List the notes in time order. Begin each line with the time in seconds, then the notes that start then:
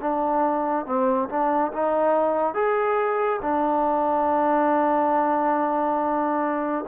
0.00 D4
0.86 C4
1.29 D4
1.73 D#4
2.54 G#4
3.42 D4